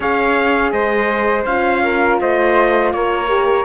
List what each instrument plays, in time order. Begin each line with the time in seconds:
0.00 cello C#4, horn G#4, flute C#5, trumpet F5
0.72 cello G#3, flute C5, trumpet D#5
1.45 cello C#4, horn F4, trumpet F5
1.83 flute A#4
2.20 cello A3, flute C5, trumpet D#5
2.92 cello A#3, flute A#4, trumpet C#5
3.28 horn G4